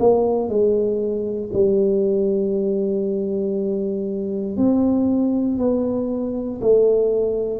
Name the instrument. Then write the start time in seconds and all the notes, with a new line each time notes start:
tuba
0.00 A#3
0.49 G#3
1.53 G3
4.57 C4
5.58 B3
6.61 A3